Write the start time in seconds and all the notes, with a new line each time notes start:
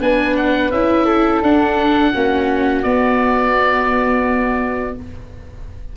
0.00 B3 D4 B4 G#5
0.36 F#5
0.71 C#4 E4 E5
1.05 A4
1.42 D4 F#5
2.12 A#3 C#4 F#4
2.83 B3 D5